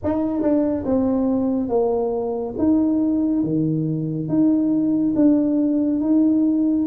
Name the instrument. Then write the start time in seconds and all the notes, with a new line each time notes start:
tuba
0.03 D#4
0.41 D4
0.85 C4
1.68 A#3
2.58 D#4
3.43 D#3
4.28 D#4
5.15 D4
6.00 D#4